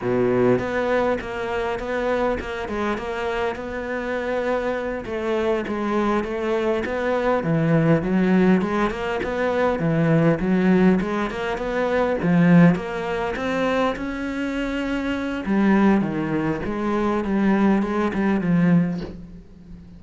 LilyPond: \new Staff \with { instrumentName = "cello" } { \time 4/4 \tempo 4 = 101 b,4 b4 ais4 b4 | ais8 gis8 ais4 b2~ | b8 a4 gis4 a4 b8~ | b8 e4 fis4 gis8 ais8 b8~ |
b8 e4 fis4 gis8 ais8 b8~ | b8 f4 ais4 c'4 cis'8~ | cis'2 g4 dis4 | gis4 g4 gis8 g8 f4 | }